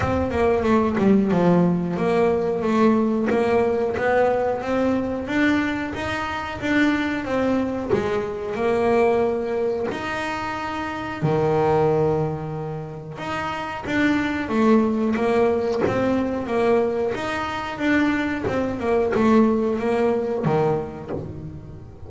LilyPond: \new Staff \with { instrumentName = "double bass" } { \time 4/4 \tempo 4 = 91 c'8 ais8 a8 g8 f4 ais4 | a4 ais4 b4 c'4 | d'4 dis'4 d'4 c'4 | gis4 ais2 dis'4~ |
dis'4 dis2. | dis'4 d'4 a4 ais4 | c'4 ais4 dis'4 d'4 | c'8 ais8 a4 ais4 dis4 | }